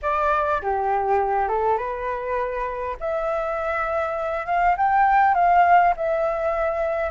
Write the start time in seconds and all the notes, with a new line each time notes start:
0.02 D5
0.62 G4
1.48 A4
1.77 B4
3.00 E5
4.46 F5
4.77 G5
5.34 F5
5.96 E5